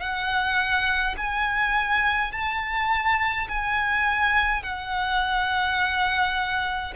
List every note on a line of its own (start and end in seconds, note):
0.00 1.15 F#5
1.17 2.32 G#5
2.32 3.48 A5
3.48 4.63 G#5
4.63 6.94 F#5